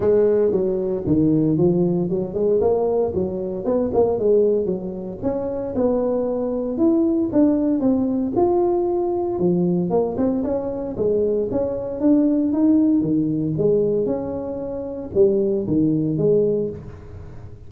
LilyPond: \new Staff \with { instrumentName = "tuba" } { \time 4/4 \tempo 4 = 115 gis4 fis4 dis4 f4 | fis8 gis8 ais4 fis4 b8 ais8 | gis4 fis4 cis'4 b4~ | b4 e'4 d'4 c'4 |
f'2 f4 ais8 c'8 | cis'4 gis4 cis'4 d'4 | dis'4 dis4 gis4 cis'4~ | cis'4 g4 dis4 gis4 | }